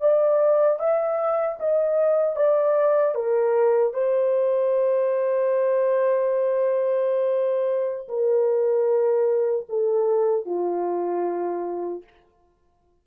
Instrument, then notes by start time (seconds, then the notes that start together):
horn
0.00 D5
0.79 E5
1.59 D#5
2.35 D5
3.14 A#4
3.93 C5
8.08 A#4
9.68 A4
10.45 F4